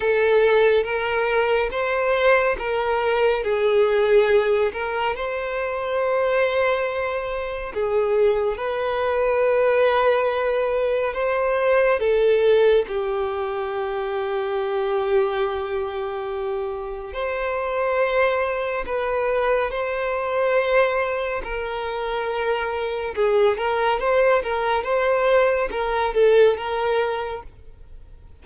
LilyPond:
\new Staff \with { instrumentName = "violin" } { \time 4/4 \tempo 4 = 70 a'4 ais'4 c''4 ais'4 | gis'4. ais'8 c''2~ | c''4 gis'4 b'2~ | b'4 c''4 a'4 g'4~ |
g'1 | c''2 b'4 c''4~ | c''4 ais'2 gis'8 ais'8 | c''8 ais'8 c''4 ais'8 a'8 ais'4 | }